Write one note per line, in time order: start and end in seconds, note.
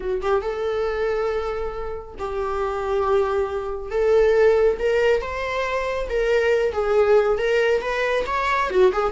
0.00 0.21 F#4
0.21 0.41 G4
0.41 2.15 A4
2.18 3.90 G4
3.90 4.77 A4
4.79 5.21 A#4
5.21 6.08 C5
6.09 6.72 A#4
6.72 7.37 G#4
7.38 7.81 A#4
7.81 8.25 B4
8.26 8.70 C#5
8.70 8.92 F#4
8.92 9.12 G#4